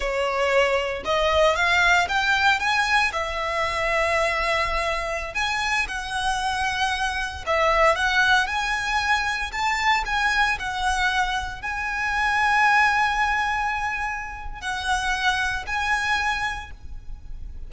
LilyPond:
\new Staff \with { instrumentName = "violin" } { \time 4/4 \tempo 4 = 115 cis''2 dis''4 f''4 | g''4 gis''4 e''2~ | e''2~ e''16 gis''4 fis''8.~ | fis''2~ fis''16 e''4 fis''8.~ |
fis''16 gis''2 a''4 gis''8.~ | gis''16 fis''2 gis''4.~ gis''16~ | gis''1 | fis''2 gis''2 | }